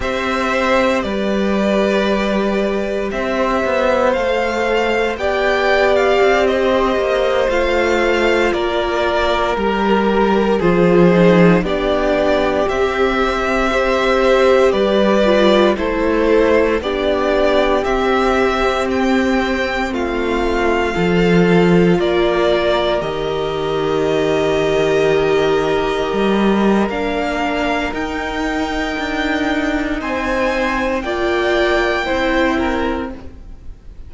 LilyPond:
<<
  \new Staff \with { instrumentName = "violin" } { \time 4/4 \tempo 4 = 58 e''4 d''2 e''4 | f''4 g''8. f''8 dis''4 f''8.~ | f''16 d''4 ais'4 c''4 d''8.~ | d''16 e''2 d''4 c''8.~ |
c''16 d''4 e''4 g''4 f''8.~ | f''4~ f''16 d''4 dis''4.~ dis''16~ | dis''2 f''4 g''4~ | g''4 gis''4 g''2 | }
  \new Staff \with { instrumentName = "violin" } { \time 4/4 c''4 b'2 c''4~ | c''4 d''4~ d''16 c''4.~ c''16~ | c''16 ais'2 gis'4 g'8.~ | g'4~ g'16 c''4 b'4 a'8.~ |
a'16 g'2. f'8.~ | f'16 a'4 ais'2~ ais'8.~ | ais'1~ | ais'4 c''4 d''4 c''8 ais'8 | }
  \new Staff \with { instrumentName = "viola" } { \time 4/4 g'1 | a'4 g'2~ g'16 f'8.~ | f'4~ f'16 g'4 f'8 dis'8 d'8.~ | d'16 c'4 g'4. f'8 e'8.~ |
e'16 d'4 c'2~ c'8.~ | c'16 f'2 g'4.~ g'16~ | g'2 d'4 dis'4~ | dis'2 f'4 e'4 | }
  \new Staff \with { instrumentName = "cello" } { \time 4/4 c'4 g2 c'8 b8 | a4 b4 c'8. ais8 a8.~ | a16 ais4 g4 f4 b8.~ | b16 c'2 g4 a8.~ |
a16 b4 c'2 a8.~ | a16 f4 ais4 dis4.~ dis16~ | dis4~ dis16 g8. ais4 dis'4 | d'4 c'4 ais4 c'4 | }
>>